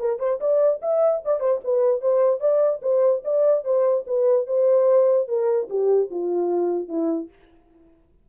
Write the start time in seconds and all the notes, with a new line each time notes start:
0.00 A#4
0.20 C5
0.41 D5
0.82 E5
1.25 D5
1.40 C5
1.64 B4
2.01 C5
2.40 D5
2.82 C5
3.25 D5
3.64 C5
4.07 B4
4.47 C5
5.28 A#4
5.70 G4
6.11 F4
6.89 E4